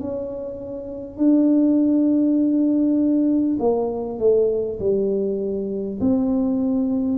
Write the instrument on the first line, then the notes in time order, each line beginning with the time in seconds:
tuba
0.00 C#4
1.17 D4
3.59 A#3
4.18 A3
4.79 G3
6.01 C4